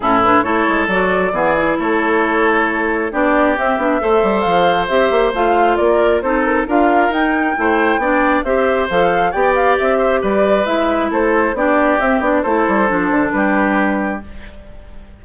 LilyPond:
<<
  \new Staff \with { instrumentName = "flute" } { \time 4/4 \tempo 4 = 135 a'8 b'8 cis''4 d''2 | cis''2. d''4 | e''2 f''4 e''4 | f''4 d''4 c''8 ais'8 f''4 |
g''2. e''4 | f''4 g''8 f''8 e''4 d''4 | e''4 c''4 d''4 e''8 d''8 | c''2 b'2 | }
  \new Staff \with { instrumentName = "oboe" } { \time 4/4 e'4 a'2 gis'4 | a'2. g'4~ | g'4 c''2.~ | c''4 ais'4 a'4 ais'4~ |
ais'4 c''4 d''4 c''4~ | c''4 d''4. c''8 b'4~ | b'4 a'4 g'2 | a'2 g'2 | }
  \new Staff \with { instrumentName = "clarinet" } { \time 4/4 cis'8 d'8 e'4 fis'4 b8 e'8~ | e'2. d'4 | c'8 d'8 a'2 g'4 | f'2 dis'4 f'4 |
dis'4 e'4 d'4 g'4 | a'4 g'2. | e'2 d'4 c'8 d'8 | e'4 d'2. | }
  \new Staff \with { instrumentName = "bassoon" } { \time 4/4 a,4 a8 gis8 fis4 e4 | a2. b4 | c'8 b8 a8 g8 f4 c'8 ais8 | a4 ais4 c'4 d'4 |
dis'4 a4 b4 c'4 | f4 b4 c'4 g4 | gis4 a4 b4 c'8 b8 | a8 g8 f8 d8 g2 | }
>>